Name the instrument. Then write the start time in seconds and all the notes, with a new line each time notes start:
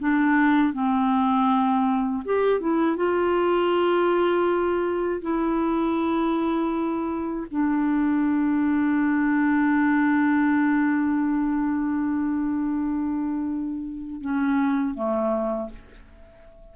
clarinet
0.00 D4
0.73 C4
2.25 G4
2.61 E4
2.97 F4
5.22 E4
7.51 D4
14.22 C#4
14.95 A3